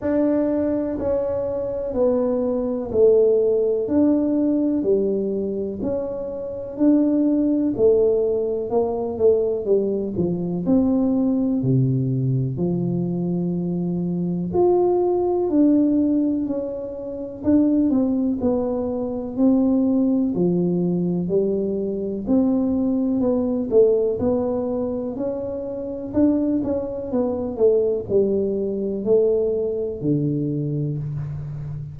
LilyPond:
\new Staff \with { instrumentName = "tuba" } { \time 4/4 \tempo 4 = 62 d'4 cis'4 b4 a4 | d'4 g4 cis'4 d'4 | a4 ais8 a8 g8 f8 c'4 | c4 f2 f'4 |
d'4 cis'4 d'8 c'8 b4 | c'4 f4 g4 c'4 | b8 a8 b4 cis'4 d'8 cis'8 | b8 a8 g4 a4 d4 | }